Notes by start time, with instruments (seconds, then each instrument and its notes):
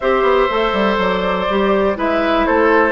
0.00 bassoon C4, clarinet G4, oboe C5, flute E5
0.22 bassoon B3
0.49 bassoon A3, clarinet A4
0.72 bassoon G3
0.97 bassoon F#3, flute D5
1.49 bassoon G3, clarinet G4
1.95 bassoon G#3, clarinet E4, oboe B4, flute E5
2.46 bassoon A3, oboe A4, flute C5